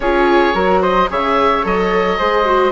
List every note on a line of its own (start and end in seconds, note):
0.00 0.54 C#4
0.00 0.54 F4
0.00 0.54 G#4
0.00 0.81 C#5
0.54 1.09 F#3
0.54 1.08 F#4
0.54 0.81 A#4
0.81 1.08 C5
0.81 1.09 D#5
1.09 1.64 C#3
1.09 1.63 G#4
1.09 2.18 C#5
1.09 1.66 E5
1.63 2.18 F#3
1.63 2.17 A4
1.63 2.71 D#5
2.17 2.71 G#3
2.17 2.44 G#4
2.17 2.71 C5
2.45 2.71 F#4